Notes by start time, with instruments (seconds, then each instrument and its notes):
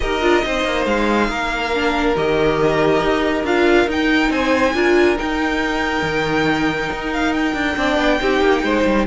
0.00 cello D#4, viola G4, violin A#4 D#5
0.21 cello D4, viola F4
0.42 cello C4, viola D#4, violin C5
0.64 cello A#3
0.85 cello G#3, violin F5
1.28 cello A#3, violin A#4
1.74 viola D4
2.16 cello D#3, viola G4, violin D#5
3.02 cello D#4
3.43 cello D4, viola F4, violin F5
3.87 cello D#4, viola D#4, violin G5
4.30 cello C4, violin C5 G#5
4.74 cello D4, viola F4, violin A#4
5.16 viola D#4, cello D#4, violin G5
6.02 cello D#3
6.92 cello D#4
7.13 violin F5
7.33 violin G5
7.54 cello D4
7.76 cello C4, viola D4, violin D5
7.97 cello B3
8.21 cello C4, viola D#4, violin G4
8.41 cello A#3
8.63 cello G#3, violin C5
8.85 cello G3